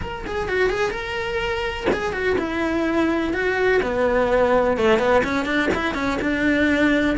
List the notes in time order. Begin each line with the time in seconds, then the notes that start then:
0.01 A#4
0.26 G#4
0.48 F#4
0.69 G#4
0.90 A#4
1.92 G#4
2.13 F#4
2.38 E4
3.33 F#4
3.82 B3
4.77 A3
4.98 B3
5.24 C#4
5.45 D4
5.74 E4
5.94 C#4
6.21 D4